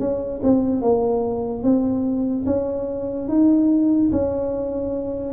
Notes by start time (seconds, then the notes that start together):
0.00 C#4
0.44 C4
0.82 A#3
1.64 C4
2.47 C#4
3.29 D#4
4.13 C#4